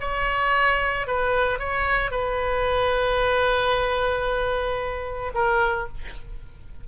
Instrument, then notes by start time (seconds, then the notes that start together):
oboe
0.00 C#5
1.07 B4
1.59 C#5
2.11 B4
5.34 A#4